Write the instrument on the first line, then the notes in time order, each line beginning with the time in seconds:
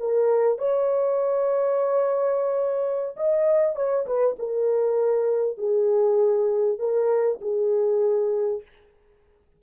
horn
0.00 A#4
0.59 C#5
3.17 D#5
3.76 C#5
4.07 B4
4.39 A#4
5.58 G#4
6.79 A#4
7.42 G#4